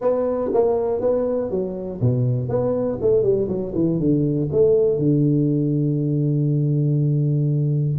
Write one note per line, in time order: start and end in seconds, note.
0.01 0.51 B3
0.53 1.00 A#3
1.00 1.50 B3
1.50 2.00 F#3
2.00 2.49 B2
2.49 2.99 B3
3.01 3.22 A3
3.22 3.47 G3
3.48 3.73 F#3
3.75 3.99 E3
3.99 4.49 D3
4.52 4.98 A3
4.98 7.98 D3